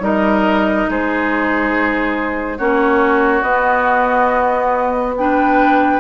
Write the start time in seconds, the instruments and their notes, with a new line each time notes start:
0.00 bassoon G3, clarinet D#4, oboe A#4, flute D#5
0.89 bassoon G#3, oboe G#4, flute C5
2.57 bassoon A#3, clarinet C#4, oboe F#4, flute C#5
3.42 bassoon B3, clarinet B3, flute D#5
5.17 clarinet D4, oboe B4, flute G5